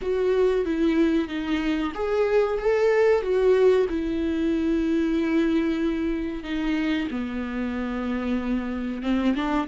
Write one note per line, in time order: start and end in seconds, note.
0.01 0.65 F#4
0.65 1.28 E4
1.28 1.92 D#4
1.94 2.58 G#4
2.58 3.22 A4
3.22 3.86 F#4
3.89 6.43 E4
6.43 7.08 D#4
7.11 9.02 B3
9.02 9.34 C4
9.35 9.67 D4